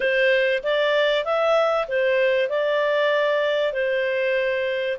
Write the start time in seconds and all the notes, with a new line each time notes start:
0.00 C5
0.62 D5
1.24 E5
1.88 C5
2.49 D5
3.72 C5